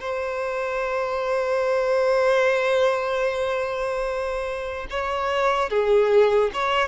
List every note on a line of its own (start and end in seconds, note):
0.00 4.86 C5
4.90 5.69 C#5
5.69 6.50 G#4
6.53 6.88 C#5